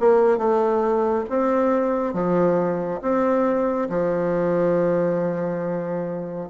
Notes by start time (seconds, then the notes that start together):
0.00 A#3
0.38 A3
1.30 C4
2.14 F3
3.02 C4
3.90 F3